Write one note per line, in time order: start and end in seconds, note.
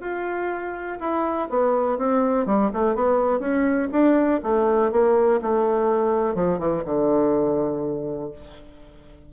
0.00 0.98 F4
1.00 1.48 E4
1.49 1.98 B3
1.98 2.46 C4
2.46 2.70 G3
2.73 2.95 A3
2.95 3.39 B3
3.39 3.88 C#4
3.92 4.41 D4
4.43 4.91 A3
4.91 5.40 A#3
5.41 6.35 A3
6.35 6.59 F3
6.59 6.83 E3
6.84 8.31 D3